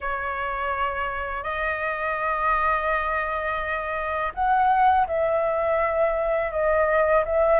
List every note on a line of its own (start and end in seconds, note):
0.00 1.43 C#5
1.43 4.32 D#5
4.34 5.06 F#5
5.07 6.51 E5
6.51 7.24 D#5
7.25 7.60 E5